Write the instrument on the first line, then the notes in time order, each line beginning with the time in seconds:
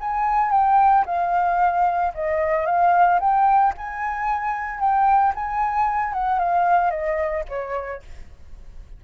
flute
0.00 G#5
0.51 G5
1.06 F5
2.14 D#5
2.66 F5
3.20 G5
3.77 G#5
4.79 G5
5.35 G#5
6.13 F#5
6.39 F5
6.90 D#5
7.48 C#5